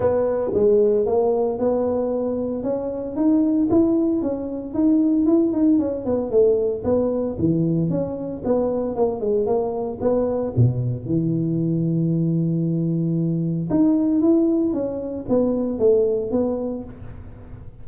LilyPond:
\new Staff \with { instrumentName = "tuba" } { \time 4/4 \tempo 4 = 114 b4 gis4 ais4 b4~ | b4 cis'4 dis'4 e'4 | cis'4 dis'4 e'8 dis'8 cis'8 b8 | a4 b4 e4 cis'4 |
b4 ais8 gis8 ais4 b4 | b,4 e2.~ | e2 dis'4 e'4 | cis'4 b4 a4 b4 | }